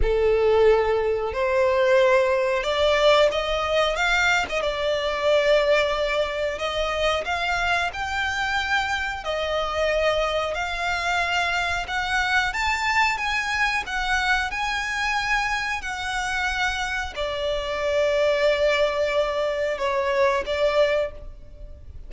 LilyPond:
\new Staff \with { instrumentName = "violin" } { \time 4/4 \tempo 4 = 91 a'2 c''2 | d''4 dis''4 f''8. dis''16 d''4~ | d''2 dis''4 f''4 | g''2 dis''2 |
f''2 fis''4 a''4 | gis''4 fis''4 gis''2 | fis''2 d''2~ | d''2 cis''4 d''4 | }